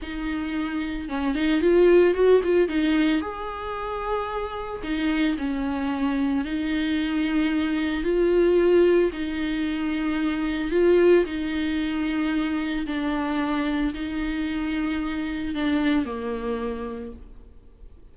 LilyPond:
\new Staff \with { instrumentName = "viola" } { \time 4/4 \tempo 4 = 112 dis'2 cis'8 dis'8 f'4 | fis'8 f'8 dis'4 gis'2~ | gis'4 dis'4 cis'2 | dis'2. f'4~ |
f'4 dis'2. | f'4 dis'2. | d'2 dis'2~ | dis'4 d'4 ais2 | }